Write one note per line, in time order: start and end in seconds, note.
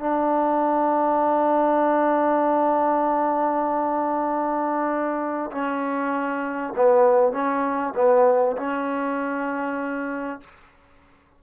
0.00 5.51 D4
5.52 6.74 C#4
6.76 7.33 B3
7.33 7.94 C#4
7.96 8.57 B3
8.57 10.41 C#4